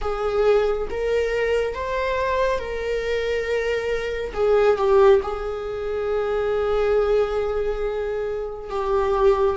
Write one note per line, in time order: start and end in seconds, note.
0.01 0.88 G#4
0.90 1.74 A#4
1.74 2.58 C5
2.58 4.32 A#4
4.33 4.77 G#4
4.77 5.21 G4
5.22 8.70 G#4
8.70 9.56 G4